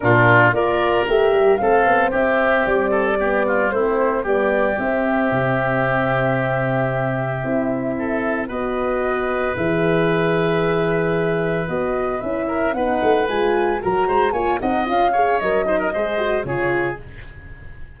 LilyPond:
<<
  \new Staff \with { instrumentName = "flute" } { \time 4/4 \tempo 4 = 113 ais'4 d''4 e''4 f''4 | e''4 d''2 c''4 | d''4 e''2.~ | e''1 |
dis''2 e''2~ | e''2 dis''4 e''4 | fis''4 gis''4 ais''4 gis''8 fis''8 | f''4 dis''2 cis''4 | }
  \new Staff \with { instrumentName = "oboe" } { \time 4/4 f'4 ais'2 a'4 | g'4. a'8 g'8 f'8 e'4 | g'1~ | g'2. a'4 |
b'1~ | b'2.~ b'8 ais'8 | b'2 ais'8 c''8 cis''8 dis''8~ | dis''8 cis''4 c''16 ais'16 c''4 gis'4 | }
  \new Staff \with { instrumentName = "horn" } { \time 4/4 d'4 f'4 g'4 c'4~ | c'2 b4 c'4 | b4 c'2.~ | c'2 e'2 |
fis'2 gis'2~ | gis'2 fis'4 e'4 | dis'4 f'4 fis'4 f'8 dis'8 | f'8 gis'8 ais'8 dis'8 gis'8 fis'8 f'4 | }
  \new Staff \with { instrumentName = "tuba" } { \time 4/4 ais,4 ais4 a8 g8 a8 b8 | c'4 g2 a4 | g4 c'4 c2~ | c2 c'2 |
b2 e2~ | e2 b4 cis'4 | b8 a8 gis4 fis8 gis8 ais8 c'8 | cis'4 fis4 gis4 cis4 | }
>>